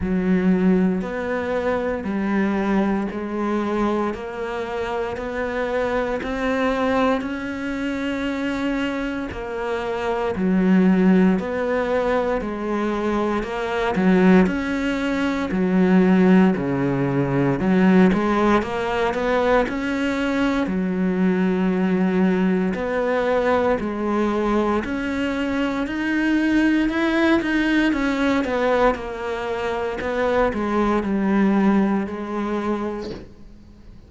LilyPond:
\new Staff \with { instrumentName = "cello" } { \time 4/4 \tempo 4 = 58 fis4 b4 g4 gis4 | ais4 b4 c'4 cis'4~ | cis'4 ais4 fis4 b4 | gis4 ais8 fis8 cis'4 fis4 |
cis4 fis8 gis8 ais8 b8 cis'4 | fis2 b4 gis4 | cis'4 dis'4 e'8 dis'8 cis'8 b8 | ais4 b8 gis8 g4 gis4 | }